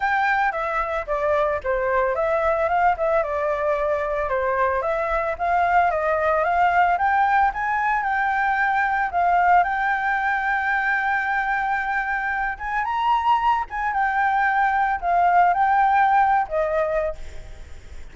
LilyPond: \new Staff \with { instrumentName = "flute" } { \time 4/4 \tempo 4 = 112 g''4 e''4 d''4 c''4 | e''4 f''8 e''8 d''2 | c''4 e''4 f''4 dis''4 | f''4 g''4 gis''4 g''4~ |
g''4 f''4 g''2~ | g''2.~ g''8 gis''8 | ais''4. gis''8 g''2 | f''4 g''4.~ g''16 dis''4~ dis''16 | }